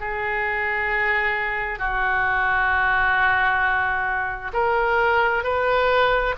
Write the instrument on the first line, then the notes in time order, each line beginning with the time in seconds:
oboe
0.00 G#4
1.79 F#4
4.53 A#4
5.44 B4